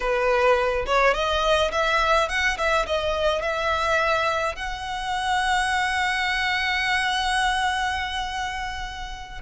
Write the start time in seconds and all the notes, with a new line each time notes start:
0.00 B4
0.86 C#5
1.14 D#5
1.71 E5
2.28 F#5
2.57 E5
2.86 D#5
3.41 E5
4.55 F#5